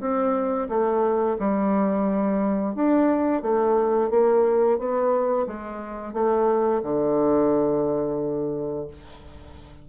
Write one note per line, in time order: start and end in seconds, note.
0.00 0.68 C4
0.69 1.37 A3
1.39 2.75 G3
2.75 3.42 D4
3.42 4.10 A3
4.10 4.79 A#3
4.79 5.47 B3
5.47 6.13 G#3
6.13 6.82 A3
6.83 8.87 D3